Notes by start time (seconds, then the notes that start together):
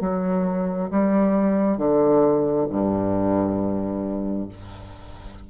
0.00 F#3
0.90 G3
1.77 D3
2.69 G2